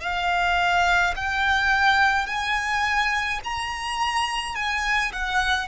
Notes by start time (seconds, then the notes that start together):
0.00 F5
1.16 G5
2.26 G#5
3.44 A#5
4.55 G#5
5.12 F#5